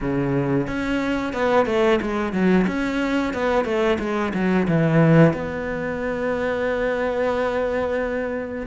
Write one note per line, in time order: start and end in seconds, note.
0.00 0.67 C#3
0.67 1.33 C#4
1.33 1.66 B3
1.66 1.99 A3
2.01 2.32 G#3
2.32 2.65 F#3
2.67 3.33 C#4
3.33 3.65 B3
3.65 3.98 A3
3.99 4.32 G#3
4.34 4.67 F#3
4.68 5.33 E3
5.33 8.66 B3